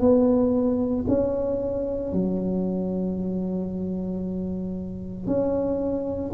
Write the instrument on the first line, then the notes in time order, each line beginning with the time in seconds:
tuba
0.00 B3
1.08 C#4
2.13 F#3
5.27 C#4